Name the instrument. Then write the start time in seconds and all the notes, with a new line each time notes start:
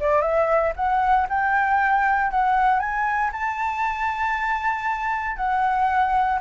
flute
0.00 D5
0.22 E5
0.76 F#5
1.29 G5
2.31 F#5
2.80 G#5
3.32 A5
5.37 F#5